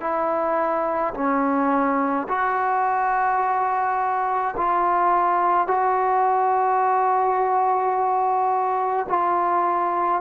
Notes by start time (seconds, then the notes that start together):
0.00 E4
1.14 C#4
2.28 F#4
4.56 F4
5.67 F#4
9.08 F4